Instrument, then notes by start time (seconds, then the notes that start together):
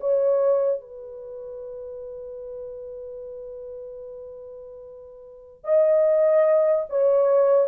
horn
0.00 C#5
0.80 B4
5.64 D#5
6.89 C#5